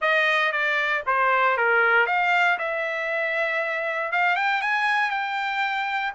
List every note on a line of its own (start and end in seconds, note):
0.01 0.52 D#5
0.52 1.03 D5
1.06 1.57 C5
1.57 2.06 A#4
2.06 2.58 F5
2.58 4.12 E5
4.12 4.36 F5
4.36 4.61 G5
4.61 5.10 G#5
5.10 6.13 G5